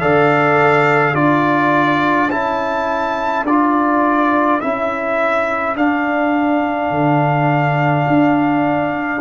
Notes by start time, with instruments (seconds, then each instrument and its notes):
0.00 tuba D3, trombone A4, horn D5, trumpet F5
1.14 tuba D4, trombone F4, horn A4, trumpet D5
2.29 tuba C#4, trombone E4, trumpet A5
3.43 tuba D4, trombone F4, trumpet D5
4.60 tuba C#4, trombone E4, trumpet E5
5.75 tuba D4, trombone D4, trumpet F5
6.90 tuba D3
8.07 tuba D4